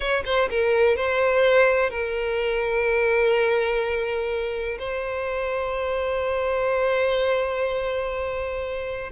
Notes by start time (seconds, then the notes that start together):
0.00 C#5
0.25 C5
0.50 A#4
0.96 C5
1.90 A#4
4.78 C5